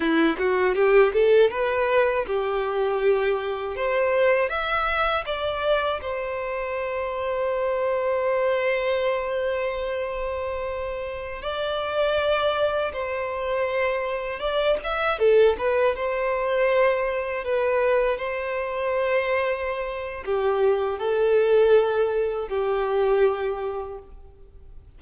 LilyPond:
\new Staff \with { instrumentName = "violin" } { \time 4/4 \tempo 4 = 80 e'8 fis'8 g'8 a'8 b'4 g'4~ | g'4 c''4 e''4 d''4 | c''1~ | c''2.~ c''16 d''8.~ |
d''4~ d''16 c''2 d''8 e''16~ | e''16 a'8 b'8 c''2 b'8.~ | b'16 c''2~ c''8. g'4 | a'2 g'2 | }